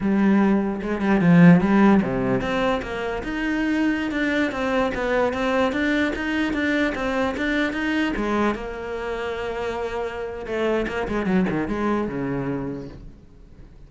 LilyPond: \new Staff \with { instrumentName = "cello" } { \time 4/4 \tempo 4 = 149 g2 gis8 g8 f4 | g4 c4 c'4 ais4 | dis'2~ dis'16 d'4 c'8.~ | c'16 b4 c'4 d'4 dis'8.~ |
dis'16 d'4 c'4 d'4 dis'8.~ | dis'16 gis4 ais2~ ais8.~ | ais2 a4 ais8 gis8 | fis8 dis8 gis4 cis2 | }